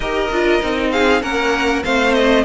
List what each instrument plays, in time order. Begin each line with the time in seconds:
0.00 cello D#4, viola G4, violin A#4 D#5
0.30 cello D4, viola F4
0.61 cello C4, viola D#4
0.91 violin G#4 F5
1.21 cello A#3, viola C#4, violin A#4 F#5
1.83 cello A3, viola C4, violin C5 F5
2.14 violin D#5